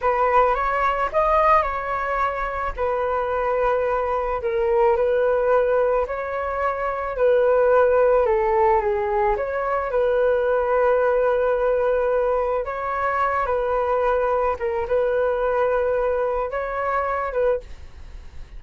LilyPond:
\new Staff \with { instrumentName = "flute" } { \time 4/4 \tempo 4 = 109 b'4 cis''4 dis''4 cis''4~ | cis''4 b'2. | ais'4 b'2 cis''4~ | cis''4 b'2 a'4 |
gis'4 cis''4 b'2~ | b'2. cis''4~ | cis''8 b'2 ais'8 b'4~ | b'2 cis''4. b'8 | }